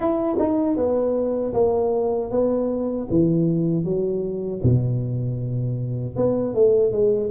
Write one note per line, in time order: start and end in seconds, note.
0.00 0.36 E4
0.38 0.76 D#4
0.76 1.53 B3
1.53 2.30 A#3
2.30 3.07 B3
3.10 3.84 E3
3.84 4.61 F#3
4.62 6.16 B2
6.16 6.54 B3
6.54 6.92 A3
6.92 7.30 G#3